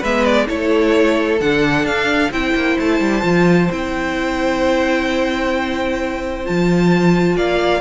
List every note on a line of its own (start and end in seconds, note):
0.00 0.49 G#3
0.00 0.48 B3
0.00 0.46 B4
0.00 0.25 E5
0.25 0.48 D5
0.48 1.41 A3
0.48 1.39 E4
0.48 2.31 A4
0.48 1.40 C#5
1.41 1.85 D3
1.41 2.33 D4
1.41 1.86 F#5
1.85 2.30 D4
1.85 2.32 F5
2.31 2.54 C4
2.31 3.23 E4
2.31 7.36 C5
2.31 2.79 G5
2.55 2.78 A#3
2.79 3.00 A3
2.79 3.72 A5
3.00 3.23 G3
3.23 3.69 F3
3.23 3.69 F4
3.71 6.47 C4
3.71 6.45 E4
3.71 6.47 G5
6.45 7.37 F3
6.45 7.81 F4
6.45 7.37 A5
7.37 7.81 A#3
7.37 7.81 D5
7.37 7.81 F5